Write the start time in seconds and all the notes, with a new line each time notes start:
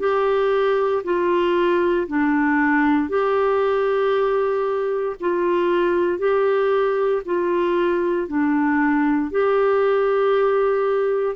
0.00 G4
1.04 F4
2.08 D4
3.09 G4
5.21 F4
6.19 G4
7.26 F4
8.29 D4
9.32 G4